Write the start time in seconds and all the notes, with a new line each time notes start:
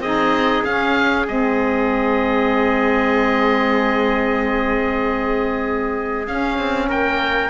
0.00 C4 D#4 G#4 D#5
0.65 C#4 F5
1.27 G#3 C4 D#5
6.28 C#4 F5
6.59 C4
6.89 A#3 A#4 G5